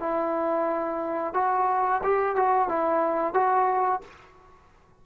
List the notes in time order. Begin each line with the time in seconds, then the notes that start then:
0.00 E4
1.34 F#4
2.04 G4
2.36 F#4
2.69 E4
3.34 F#4